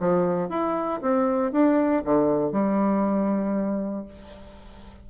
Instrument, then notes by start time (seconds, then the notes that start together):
bassoon
0.00 F3
0.49 E4
1.01 C4
1.52 D4
2.04 D3
2.52 G3